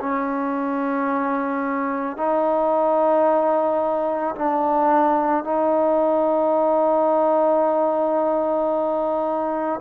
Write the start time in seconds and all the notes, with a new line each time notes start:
0.00 C#4
2.17 D#4
4.35 D4
5.44 D#4